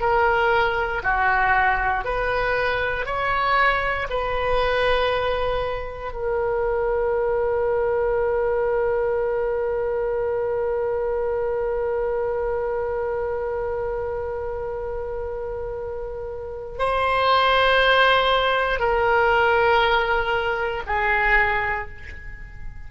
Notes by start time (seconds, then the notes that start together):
0.00 A#4
1.03 F#4
2.04 B4
3.06 C#5
4.10 B4
6.12 A#4
16.78 C5
18.80 A#4
20.87 G#4